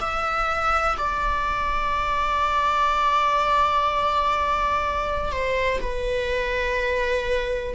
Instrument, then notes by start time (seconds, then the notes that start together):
viola
0.00 E5
0.97 D5
5.32 C5
5.81 B4